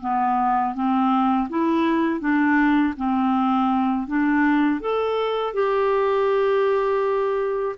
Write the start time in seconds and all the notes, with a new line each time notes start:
0.00 B3
0.74 C4
1.49 E4
2.20 D4
2.96 C4
4.07 D4
4.80 A4
5.53 G4